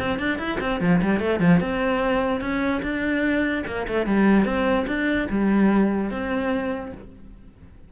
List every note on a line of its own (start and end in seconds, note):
0.00 0.19 C4
0.19 0.39 D4
0.39 0.59 E4
0.61 0.81 C4
0.81 1.01 F3
1.02 1.20 G3
1.20 1.40 A3
1.40 1.60 F3
1.60 2.41 C4
2.41 2.82 C#4
2.83 3.65 D4
3.67 3.87 A#3
3.88 4.07 A3
4.07 4.46 G3
4.46 4.86 C4
4.87 5.28 D4
5.30 6.11 G3
6.11 6.93 C4